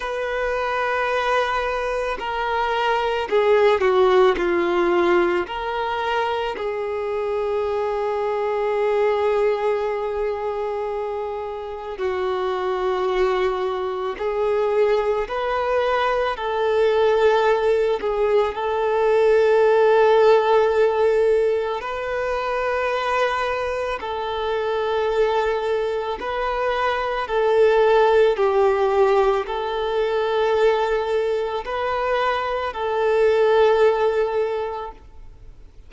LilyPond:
\new Staff \with { instrumentName = "violin" } { \time 4/4 \tempo 4 = 55 b'2 ais'4 gis'8 fis'8 | f'4 ais'4 gis'2~ | gis'2. fis'4~ | fis'4 gis'4 b'4 a'4~ |
a'8 gis'8 a'2. | b'2 a'2 | b'4 a'4 g'4 a'4~ | a'4 b'4 a'2 | }